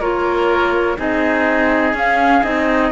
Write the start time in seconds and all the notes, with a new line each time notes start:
0.00 A#3 F4 A#4 C#5
0.97 C4 D#4 G#4 D#5
1.94 C#4 F5
2.44 C4 D#4 D#5